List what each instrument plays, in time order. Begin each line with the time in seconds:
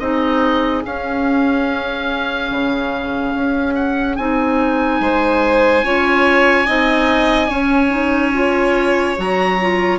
0.00 bassoon C4, clarinet D#4, violin G#4, oboe D#5
0.86 bassoon C#4, clarinet C#4, oboe F5
2.51 bassoon C#3
3.35 bassoon C#4
3.75 oboe F#5
4.17 bassoon C4, clarinet D#4, oboe G#5
5.01 bassoon G#3, violin C5
5.84 bassoon C#4, clarinet F4, violin C#5
6.66 bassoon C4, clarinet D#4, violin D#5
7.50 clarinet C#4, bassoon C#4, violin C#5
7.91 clarinet D#4
8.34 clarinet F4
9.16 bassoon F#3, clarinet F#4, oboe A#5
9.61 clarinet F4